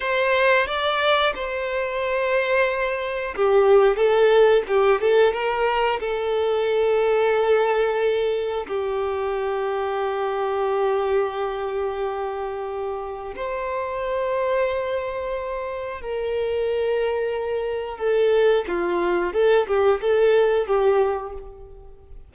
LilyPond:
\new Staff \with { instrumentName = "violin" } { \time 4/4 \tempo 4 = 90 c''4 d''4 c''2~ | c''4 g'4 a'4 g'8 a'8 | ais'4 a'2.~ | a'4 g'2.~ |
g'1 | c''1 | ais'2. a'4 | f'4 a'8 g'8 a'4 g'4 | }